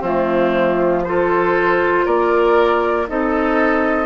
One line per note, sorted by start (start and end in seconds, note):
0.00 2.05 F3
0.00 1.04 A3
0.00 1.02 C4
0.00 1.04 F4
1.04 3.07 F4
1.04 2.05 A4
1.04 2.06 C5
2.05 3.08 A#3
2.05 3.07 A#4
2.05 3.08 D5
3.07 4.06 C4
3.07 4.06 D#4
3.07 4.06 A4
3.07 4.06 D#5